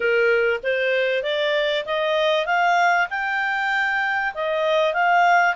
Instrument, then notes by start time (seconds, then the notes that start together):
clarinet
0.00 A#4
0.63 C5
1.22 D5
1.85 D#5
2.45 F5
3.10 G5
4.34 D#5
4.93 F5